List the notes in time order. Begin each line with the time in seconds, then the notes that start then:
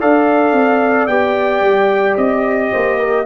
0.00 D4 A4 D5 F5
0.52 C4
1.07 B3 G4 G5
1.61 G3
2.17 C4 D#5
2.72 A#3 C5
2.99 A#4